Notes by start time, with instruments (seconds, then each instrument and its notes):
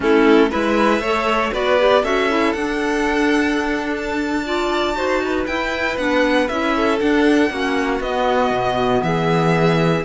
0.00 cello A3, clarinet C#4, violin E4 A4
0.50 cello G#3, clarinet E4, violin B4 E5
0.99 cello A3, clarinet A4, violin C#5
1.52 cello B3, clarinet F#4, violin B4 D5
1.78 clarinet G4
2.03 cello C#4, clarinet F#4, violin A4 E5
2.29 clarinet E4
2.52 cello D4, clarinet D4, violin F#5
3.96 violin A5
4.45 clarinet F4, violin D5
4.94 cello D#4, clarinet F#4, violin C5
5.24 violin B4
5.46 clarinet E4, cello E4, violin G5
5.97 cello B3, clarinet D4, violin F#5
6.48 cello C#4, clarinet E4, violin E5
6.75 violin A4
6.97 clarinet D4, cello D4, violin F#5
7.50 cello A#3, clarinet C#4, violin F#4
8.00 cello B3, clarinet B3, violin D#5
8.50 cello B2
9.02 cello E3, violin G#4 E5